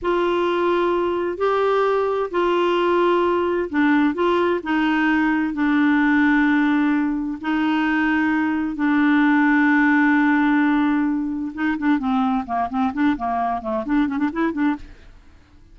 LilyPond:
\new Staff \with { instrumentName = "clarinet" } { \time 4/4 \tempo 4 = 130 f'2. g'4~ | g'4 f'2. | d'4 f'4 dis'2 | d'1 |
dis'2. d'4~ | d'1~ | d'4 dis'8 d'8 c'4 ais8 c'8 | d'8 ais4 a8 d'8 cis'16 d'16 e'8 d'8 | }